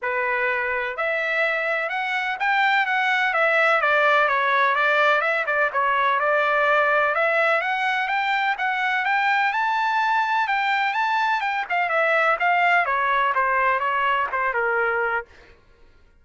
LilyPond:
\new Staff \with { instrumentName = "trumpet" } { \time 4/4 \tempo 4 = 126 b'2 e''2 | fis''4 g''4 fis''4 e''4 | d''4 cis''4 d''4 e''8 d''8 | cis''4 d''2 e''4 |
fis''4 g''4 fis''4 g''4 | a''2 g''4 a''4 | g''8 f''8 e''4 f''4 cis''4 | c''4 cis''4 c''8 ais'4. | }